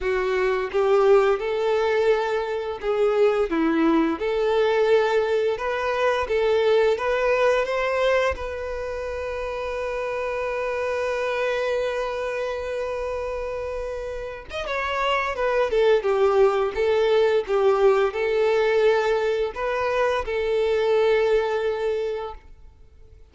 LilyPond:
\new Staff \with { instrumentName = "violin" } { \time 4/4 \tempo 4 = 86 fis'4 g'4 a'2 | gis'4 e'4 a'2 | b'4 a'4 b'4 c''4 | b'1~ |
b'1~ | b'8. dis''16 cis''4 b'8 a'8 g'4 | a'4 g'4 a'2 | b'4 a'2. | }